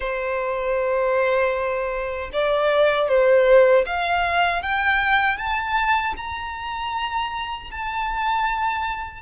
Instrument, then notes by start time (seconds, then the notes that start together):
violin
0.00 C5
2.32 D5
3.08 C5
3.85 F5
4.62 G5
5.37 A5
6.16 A#5
7.71 A5